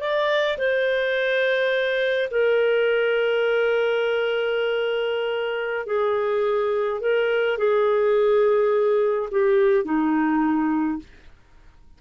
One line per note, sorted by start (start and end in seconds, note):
0.00 0.57 D5
0.58 2.29 C5
2.30 5.86 A#4
5.86 7.00 G#4
7.01 7.58 A#4
7.58 9.29 G#4
9.31 9.84 G4
9.84 10.99 D#4